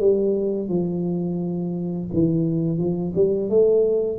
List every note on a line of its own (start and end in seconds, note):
0.00 0.68 G3
0.68 2.08 F3
2.13 2.78 E3
2.78 3.13 F3
3.15 3.49 G3
3.49 4.18 A3